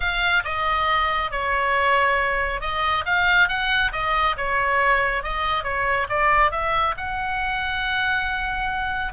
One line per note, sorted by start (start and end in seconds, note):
0.00 0.43 F5
0.44 1.31 D#5
1.31 2.60 C#5
2.60 3.04 D#5
3.05 3.48 F5
3.48 3.91 F#5
3.92 4.36 D#5
4.37 5.23 C#5
5.23 5.63 D#5
5.63 6.07 C#5
6.09 6.51 D5
6.51 6.94 E5
6.97 9.13 F#5